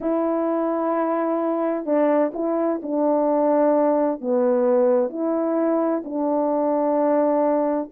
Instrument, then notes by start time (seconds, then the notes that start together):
horn
0.00 E4
1.85 D4
2.34 E4
2.82 D4
4.21 B3
5.09 E4
6.04 D4